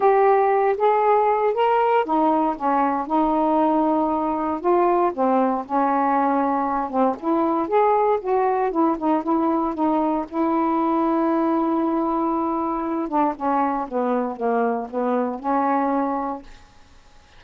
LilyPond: \new Staff \with { instrumentName = "saxophone" } { \time 4/4 \tempo 4 = 117 g'4. gis'4. ais'4 | dis'4 cis'4 dis'2~ | dis'4 f'4 c'4 cis'4~ | cis'4. c'8 e'4 gis'4 |
fis'4 e'8 dis'8 e'4 dis'4 | e'1~ | e'4. d'8 cis'4 b4 | ais4 b4 cis'2 | }